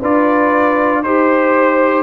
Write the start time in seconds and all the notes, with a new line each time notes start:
0.00 D4 F4 B4 D5
1.02 D#4 G4 C5